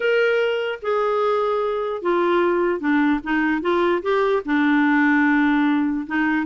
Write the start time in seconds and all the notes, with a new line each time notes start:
0.00 A#4
0.82 G#4
2.02 F4
2.79 D4
3.23 D#4
3.61 F4
4.02 G4
4.45 D4
6.06 D#4